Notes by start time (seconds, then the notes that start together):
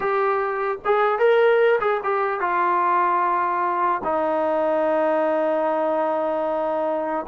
0.00 G4
0.84 G#4
1.18 A#4
1.80 G#4
2.03 G4
2.40 F4
4.03 D#4